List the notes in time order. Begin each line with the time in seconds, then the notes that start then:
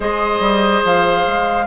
0.00 G#3 G#4 C5 D#5
0.39 G3
0.84 F3 F5
1.26 G#3